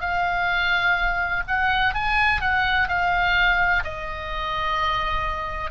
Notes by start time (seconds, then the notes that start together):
0.00 F5
1.47 F#5
1.94 G#5
2.41 F#5
2.88 F5
3.84 D#5